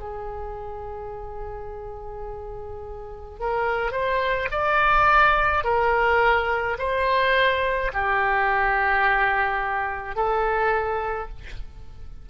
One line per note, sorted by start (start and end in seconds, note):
0.00 3.40 G#4
3.40 3.92 A#4
3.92 4.48 C5
4.51 5.64 D5
5.64 6.77 A#4
6.78 7.91 C5
7.93 10.15 G4
10.15 11.28 A4